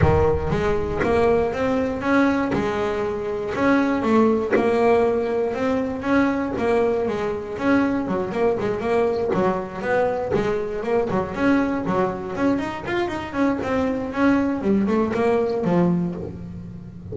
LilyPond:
\new Staff \with { instrumentName = "double bass" } { \time 4/4 \tempo 4 = 119 dis4 gis4 ais4 c'4 | cis'4 gis2 cis'4 | a4 ais2 c'4 | cis'4 ais4 gis4 cis'4 |
fis8 ais8 gis8 ais4 fis4 b8~ | b8 gis4 ais8 fis8 cis'4 fis8~ | fis8 cis'8 dis'8 f'8 dis'8 cis'8 c'4 | cis'4 g8 a8 ais4 f4 | }